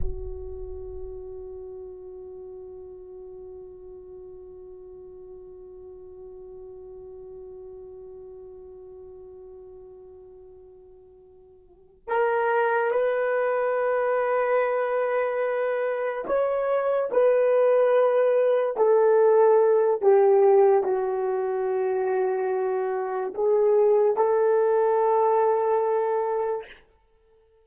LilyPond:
\new Staff \with { instrumentName = "horn" } { \time 4/4 \tempo 4 = 72 fis'1~ | fis'1~ | fis'1~ | fis'2~ fis'8 ais'4 b'8~ |
b'2.~ b'8 cis''8~ | cis''8 b'2 a'4. | g'4 fis'2. | gis'4 a'2. | }